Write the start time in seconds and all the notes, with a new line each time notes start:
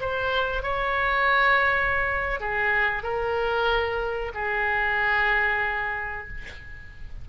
0.00 C5
0.62 C#5
2.40 G#4
3.03 A#4
4.34 G#4